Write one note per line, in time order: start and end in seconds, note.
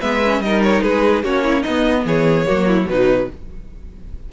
0.00 0.40 G#3
0.00 0.22 B3
0.00 0.41 B4
0.00 0.41 E5
0.23 0.44 C#4
0.40 0.81 G3
0.40 1.24 D#4
0.40 0.84 A#4
0.40 0.62 D#5
0.63 0.82 C#5
0.82 1.23 G#3
0.82 1.24 G#4
0.82 1.23 B4
1.23 1.64 A#3
1.23 1.65 C#4
1.23 1.44 F#4
1.23 1.63 C#5
1.44 1.61 E4
1.61 2.05 B3
1.61 2.02 D#4
1.61 2.04 D#5
1.69 2.46 B3
2.05 2.46 E3
2.05 2.47 G#4
2.05 2.89 C#5
2.46 2.86 F#3
2.46 2.85 A#3
2.46 2.67 F#4
2.67 2.88 E4
2.85 3.27 B2
2.85 3.26 F#3
2.85 3.32 D#4
2.85 3.30 B4